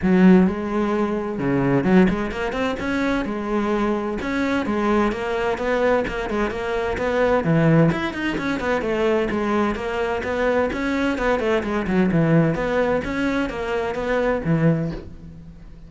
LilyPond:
\new Staff \with { instrumentName = "cello" } { \time 4/4 \tempo 4 = 129 fis4 gis2 cis4 | fis8 gis8 ais8 c'8 cis'4 gis4~ | gis4 cis'4 gis4 ais4 | b4 ais8 gis8 ais4 b4 |
e4 e'8 dis'8 cis'8 b8 a4 | gis4 ais4 b4 cis'4 | b8 a8 gis8 fis8 e4 b4 | cis'4 ais4 b4 e4 | }